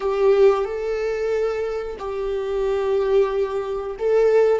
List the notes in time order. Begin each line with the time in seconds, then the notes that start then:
0.00 G4
0.64 A4
1.98 G4
3.98 A4